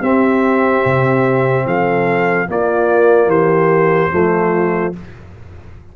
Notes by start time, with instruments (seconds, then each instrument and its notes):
0.00 tuba C4, trombone C4, horn G4, trumpet E5
0.85 tuba C3
1.66 tuba F3, horn A4, trumpet F5
2.48 trombone A#3, tuba A#3, horn F4, trumpet D5
3.26 tuba E3, horn G4, trumpet C5
4.11 tuba F3, trombone A3, horn F4